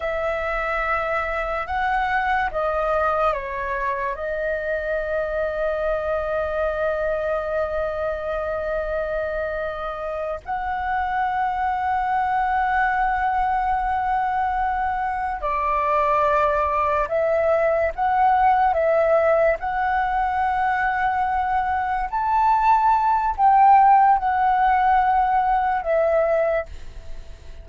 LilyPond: \new Staff \with { instrumentName = "flute" } { \time 4/4 \tempo 4 = 72 e''2 fis''4 dis''4 | cis''4 dis''2.~ | dis''1~ | dis''8 fis''2.~ fis''8~ |
fis''2~ fis''8 d''4.~ | d''8 e''4 fis''4 e''4 fis''8~ | fis''2~ fis''8 a''4. | g''4 fis''2 e''4 | }